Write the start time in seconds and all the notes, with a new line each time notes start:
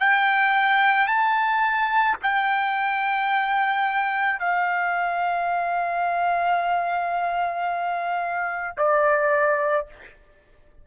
0.00 G5
1.07 A5
2.23 G5
4.39 F5
8.78 D5